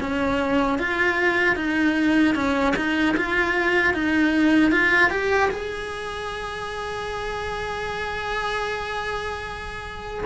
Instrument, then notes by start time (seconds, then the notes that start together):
cello
0.00 C#4
0.78 F4
1.56 D#4
2.35 C#4
2.76 D#4
3.17 F4
3.94 D#4
4.71 F4
5.10 G4
5.50 G#4